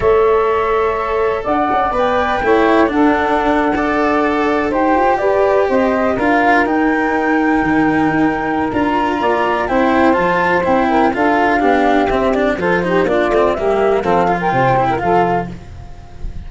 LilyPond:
<<
  \new Staff \with { instrumentName = "flute" } { \time 4/4 \tempo 4 = 124 e''2. fis''4 | g''2 fis''2~ | fis''4.~ fis''16 g''4 d''4 dis''16~ | dis''8. f''4 g''2~ g''16~ |
g''2 ais''2 | g''4 a''4 g''4 f''4~ | f''4 e''8 d''8 c''4 d''4 | e''4 f''8. g''4~ g''16 f''4 | }
  \new Staff \with { instrumentName = "saxophone" } { \time 4/4 cis''2. d''4~ | d''4 cis''4 a'4.~ a'16 d''16~ | d''4.~ d''16 c''4 b'4 c''16~ | c''8. ais'2.~ ais'16~ |
ais'2. d''4 | c''2~ c''8 ais'8 a'4 | g'2 a'8 g'8 f'4 | g'4 a'8. ais'16 c''8. ais'16 a'4 | }
  \new Staff \with { instrumentName = "cello" } { \time 4/4 a'1 | b'4 e'4 d'4.~ d'16 a'16~ | a'4.~ a'16 g'2~ g'16~ | g'8. f'4 dis'2~ dis'16~ |
dis'2 f'2 | e'4 f'4 e'4 f'4 | d'4 c'8 d'8 f'8 dis'8 d'8 c'8 | ais4 c'8 f'4 e'8 f'4 | }
  \new Staff \with { instrumentName = "tuba" } { \time 4/4 a2. d'8 cis'8 | b4 a4 d'2~ | d'4.~ d'16 dis'8 f'8 g'4 c'16~ | c'8. d'4 dis'2 dis16~ |
dis8. dis'4~ dis'16 d'4 ais4 | c'4 f4 c'4 d'4 | b4 c'4 f4 ais8 a8 | g4 f4 c4 f4 | }
>>